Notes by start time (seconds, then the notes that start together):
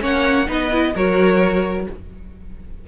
0.00 A#3 C#4 C#5 F#5
0.46 B3 D#4 B4 D#5
0.71 E4
0.95 F#3 F#4 A#4 C#5